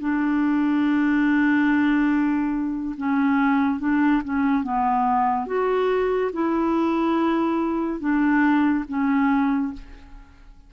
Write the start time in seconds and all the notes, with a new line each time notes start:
0.00 D4
2.98 C#4
3.80 D4
4.24 C#4
4.64 B3
5.47 F#4
6.33 E4
8.00 D4
8.89 C#4